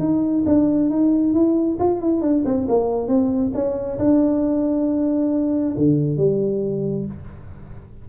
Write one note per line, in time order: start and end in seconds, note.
0.00 0.44 D#4
0.47 0.90 D4
0.90 1.34 D#4
1.34 1.78 E4
1.80 2.02 F4
2.02 2.22 E4
2.22 2.44 D4
2.45 2.68 C4
2.69 3.08 A#3
3.08 3.52 C4
3.55 3.99 C#4
3.99 5.75 D4
5.78 6.17 D3
6.17 7.06 G3